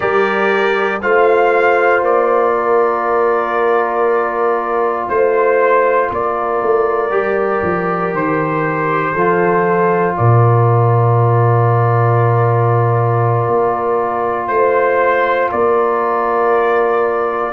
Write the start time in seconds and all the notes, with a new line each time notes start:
0.00 G3 G4 A#4 D5
1.01 A3 F4 C5 F5
2.01 A#3 D5
2.55 A#4
5.08 A3 C5
6.09 A#3 A#4 D5
6.62 A3
7.10 G3 G4
7.62 F3
8.13 D#3 C5
9.12 F3 F4 A4
10.16 A#2 A#4 D5
13.47 A#3
14.47 A3 C5
15.51 A#3 A#4 D5